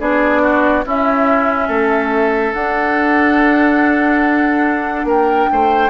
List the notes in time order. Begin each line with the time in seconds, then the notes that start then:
0.00 B3 D4 G#4 D5
0.43 F#4
0.86 C#4 E4 E5
1.68 A3 A4
2.54 D4 F#5
5.04 A#3 A#4 G5
5.52 A3 C5